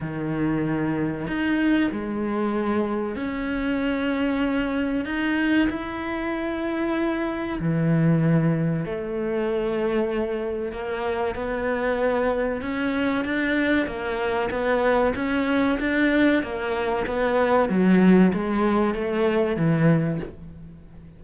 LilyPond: \new Staff \with { instrumentName = "cello" } { \time 4/4 \tempo 4 = 95 dis2 dis'4 gis4~ | gis4 cis'2. | dis'4 e'2. | e2 a2~ |
a4 ais4 b2 | cis'4 d'4 ais4 b4 | cis'4 d'4 ais4 b4 | fis4 gis4 a4 e4 | }